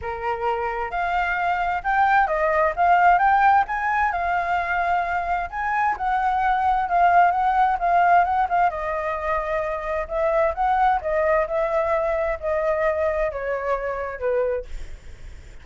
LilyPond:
\new Staff \with { instrumentName = "flute" } { \time 4/4 \tempo 4 = 131 ais'2 f''2 | g''4 dis''4 f''4 g''4 | gis''4 f''2. | gis''4 fis''2 f''4 |
fis''4 f''4 fis''8 f''8 dis''4~ | dis''2 e''4 fis''4 | dis''4 e''2 dis''4~ | dis''4 cis''2 b'4 | }